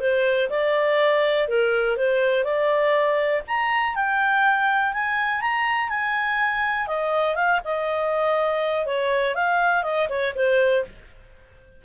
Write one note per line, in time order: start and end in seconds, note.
0.00 0.49 C5
0.50 1.48 D5
1.48 1.97 A#4
1.97 2.44 C5
2.44 3.42 D5
3.47 3.95 A#5
3.95 4.93 G5
4.93 5.41 G#5
5.41 5.89 A#5
5.89 6.87 G#5
6.87 7.35 D#5
7.35 7.60 F5
7.64 8.86 D#5
8.86 9.35 C#5
9.35 9.83 F5
9.83 10.08 D#5
10.09 10.34 C#5
10.35 10.84 C5